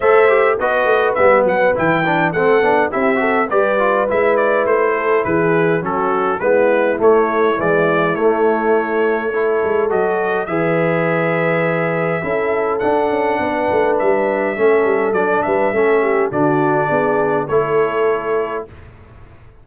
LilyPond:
<<
  \new Staff \with { instrumentName = "trumpet" } { \time 4/4 \tempo 4 = 103 e''4 dis''4 e''8 fis''8 g''4 | fis''4 e''4 d''4 e''8 d''8 | c''4 b'4 a'4 b'4 | cis''4 d''4 cis''2~ |
cis''4 dis''4 e''2~ | e''2 fis''2 | e''2 d''8 e''4. | d''2 cis''2 | }
  \new Staff \with { instrumentName = "horn" } { \time 4/4 c''4 b'2. | a'4 g'8 a'8 b'2~ | b'8 a'8 gis'4 fis'4 e'4~ | e'1 |
a'2 b'2~ | b'4 a'2 b'4~ | b'4 a'4. b'8 a'8 g'8 | fis'4 gis'4 a'2 | }
  \new Staff \with { instrumentName = "trombone" } { \time 4/4 a'8 g'8 fis'4 b4 e'8 d'8 | c'8 d'8 e'8 fis'8 g'8 f'8 e'4~ | e'2 cis'4 b4 | a4 e4 a2 |
e'4 fis'4 gis'2~ | gis'4 e'4 d'2~ | d'4 cis'4 d'4 cis'4 | d'2 e'2 | }
  \new Staff \with { instrumentName = "tuba" } { \time 4/4 a4 b8 a8 g8 fis8 e4 | a8 b8 c'4 g4 gis4 | a4 e4 fis4 gis4 | a4 gis4 a2~ |
a8 gis8 fis4 e2~ | e4 cis'4 d'8 cis'8 b8 a8 | g4 a8 g8 fis8 g8 a4 | d4 b4 a2 | }
>>